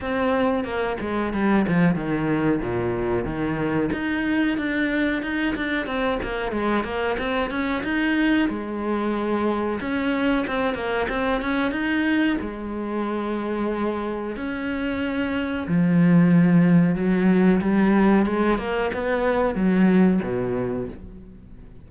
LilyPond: \new Staff \with { instrumentName = "cello" } { \time 4/4 \tempo 4 = 92 c'4 ais8 gis8 g8 f8 dis4 | ais,4 dis4 dis'4 d'4 | dis'8 d'8 c'8 ais8 gis8 ais8 c'8 cis'8 | dis'4 gis2 cis'4 |
c'8 ais8 c'8 cis'8 dis'4 gis4~ | gis2 cis'2 | f2 fis4 g4 | gis8 ais8 b4 fis4 b,4 | }